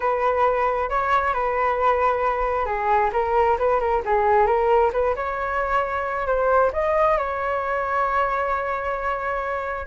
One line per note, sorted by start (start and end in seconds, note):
0.00 0.89 B4
0.89 1.33 C#5
1.33 2.65 B4
2.65 3.10 G#4
3.12 3.57 A#4
3.58 3.80 B4
3.80 4.02 A#4
4.05 4.46 G#4
4.46 4.91 A#4
4.93 5.15 B4
5.15 6.26 C#5
6.26 6.71 C5
6.73 7.17 D#5
7.17 9.86 C#5